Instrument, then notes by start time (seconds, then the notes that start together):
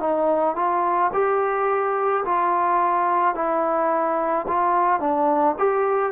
trombone
0.00 D#4
0.56 F4
1.13 G4
2.25 F4
3.35 E4
4.48 F4
5.00 D4
5.59 G4